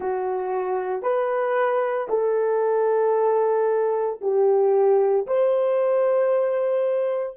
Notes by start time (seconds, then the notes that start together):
0.00 F#4
1.02 B4
2.09 A4
4.21 G4
5.26 C5